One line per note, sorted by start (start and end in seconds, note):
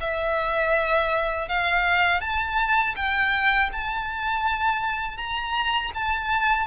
0.00 1.48 E5
1.48 2.21 F5
2.21 2.95 A5
2.96 3.70 G5
3.72 5.17 A5
5.17 5.91 A#5
5.94 6.67 A5